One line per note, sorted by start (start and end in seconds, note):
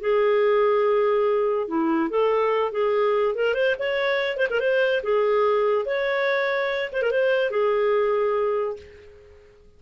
0.00 1.68 G#4
1.68 2.10 E4
2.10 2.72 A4
2.72 3.35 G#4
3.35 3.54 A#4
3.54 3.75 C5
3.79 4.37 C#5
4.37 4.47 C5
4.50 4.60 A#4
4.60 5.02 C5
5.03 5.85 G#4
5.85 6.90 C#5
6.92 7.02 C5
7.02 7.11 A#4
7.11 7.50 C5
7.50 8.76 G#4